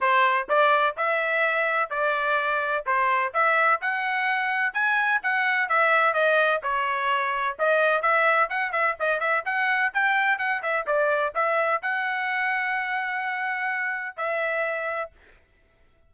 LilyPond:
\new Staff \with { instrumentName = "trumpet" } { \time 4/4 \tempo 4 = 127 c''4 d''4 e''2 | d''2 c''4 e''4 | fis''2 gis''4 fis''4 | e''4 dis''4 cis''2 |
dis''4 e''4 fis''8 e''8 dis''8 e''8 | fis''4 g''4 fis''8 e''8 d''4 | e''4 fis''2.~ | fis''2 e''2 | }